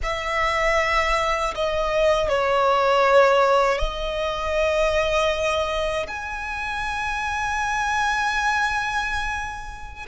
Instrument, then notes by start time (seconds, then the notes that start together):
violin
0.02 E5
1.54 D#5
2.28 C#5
3.78 D#5
6.07 G#5